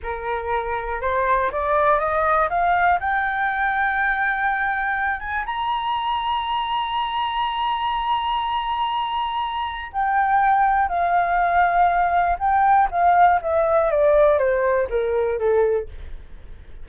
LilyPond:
\new Staff \with { instrumentName = "flute" } { \time 4/4 \tempo 4 = 121 ais'2 c''4 d''4 | dis''4 f''4 g''2~ | g''2~ g''8 gis''8 ais''4~ | ais''1~ |
ais''1 | g''2 f''2~ | f''4 g''4 f''4 e''4 | d''4 c''4 ais'4 a'4 | }